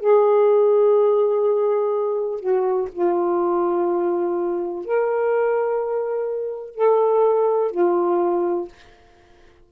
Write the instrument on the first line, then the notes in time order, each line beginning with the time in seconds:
saxophone
0.00 G#4
2.40 F#4
2.93 F4
4.85 A#4
6.75 A4
7.72 F4